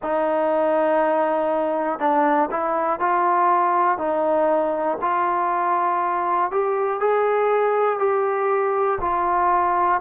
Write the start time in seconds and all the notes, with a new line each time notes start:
0.02 D#4
1.99 D4
2.50 E4
2.99 F4
3.98 D#4
5.01 F4
6.51 G4
7.00 G#4
7.99 G4
9.00 F4